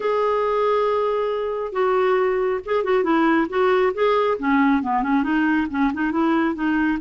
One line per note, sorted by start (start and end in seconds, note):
0.00 1.72 G#4
1.72 2.60 F#4
2.65 2.84 G#4
2.84 3.03 F#4
3.03 3.47 E4
3.49 3.92 F#4
3.93 4.37 G#4
4.39 4.82 C#4
4.82 5.02 B3
5.02 5.23 C#4
5.23 5.67 D#4
5.70 5.92 C#4
5.93 6.11 D#4
6.11 6.54 E4
6.54 6.98 D#4